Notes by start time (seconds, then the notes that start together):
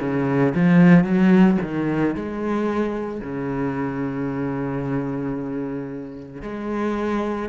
0.00 C#3
0.55 F3
1.04 F#3
1.62 D#3
2.15 G#3
3.20 C#3
6.42 G#3